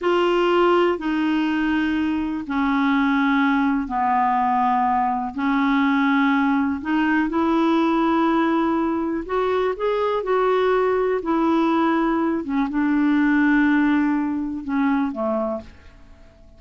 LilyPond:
\new Staff \with { instrumentName = "clarinet" } { \time 4/4 \tempo 4 = 123 f'2 dis'2~ | dis'4 cis'2. | b2. cis'4~ | cis'2 dis'4 e'4~ |
e'2. fis'4 | gis'4 fis'2 e'4~ | e'4. cis'8 d'2~ | d'2 cis'4 a4 | }